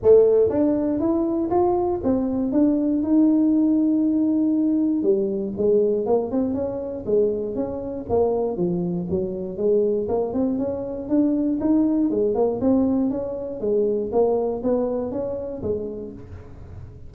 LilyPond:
\new Staff \with { instrumentName = "tuba" } { \time 4/4 \tempo 4 = 119 a4 d'4 e'4 f'4 | c'4 d'4 dis'2~ | dis'2 g4 gis4 | ais8 c'8 cis'4 gis4 cis'4 |
ais4 f4 fis4 gis4 | ais8 c'8 cis'4 d'4 dis'4 | gis8 ais8 c'4 cis'4 gis4 | ais4 b4 cis'4 gis4 | }